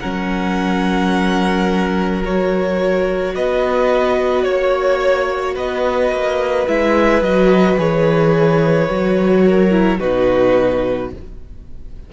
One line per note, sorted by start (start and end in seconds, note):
0.00 3.36 F#3
0.00 2.24 C#4
0.00 3.33 A#4
0.00 2.22 F#5
2.25 6.68 F#4
2.25 3.35 C#5
3.35 4.46 B3
3.35 4.45 B4
3.35 4.43 D#5
4.43 5.56 A#3
4.43 5.54 C#5
4.43 5.55 C#5
5.55 6.12 B3
5.55 9.44 B4
5.55 6.68 D#5
6.12 6.67 A#3
6.68 7.22 G#3
6.68 7.23 E4
6.68 7.23 E5
7.22 7.77 F#3
7.22 7.78 F#4
7.22 7.78 D#5
7.78 8.89 E3
7.78 8.89 G#4
7.78 10.00 C#5
8.90 10.01 F#3
8.90 9.71 F#4
9.46 9.99 A#4
9.71 9.99 E4
9.99 11.13 B2
9.99 11.11 D#4
9.99 11.10 F#4
9.99 11.11 B4